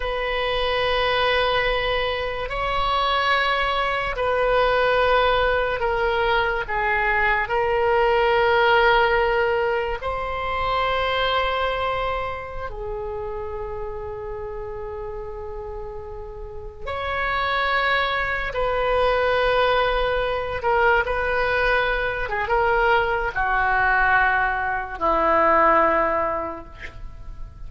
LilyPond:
\new Staff \with { instrumentName = "oboe" } { \time 4/4 \tempo 4 = 72 b'2. cis''4~ | cis''4 b'2 ais'4 | gis'4 ais'2. | c''2.~ c''16 gis'8.~ |
gis'1~ | gis'16 cis''2 b'4.~ b'16~ | b'8. ais'8 b'4. gis'16 ais'4 | fis'2 e'2 | }